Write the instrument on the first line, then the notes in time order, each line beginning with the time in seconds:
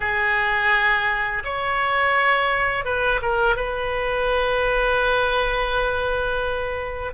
oboe
0.00 G#4
1.44 C#5
2.84 B4
3.22 A#4
3.56 B4